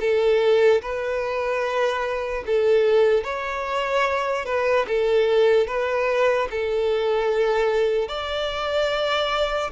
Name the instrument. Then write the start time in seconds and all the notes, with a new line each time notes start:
violin
0.00 A4
0.81 B4
2.46 A4
3.24 C#5
4.45 B4
4.87 A4
5.67 B4
6.50 A4
8.08 D5